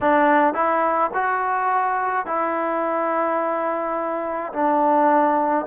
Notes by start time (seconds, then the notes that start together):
0.01 D4
0.54 E4
1.13 F#4
2.26 E4
4.52 D4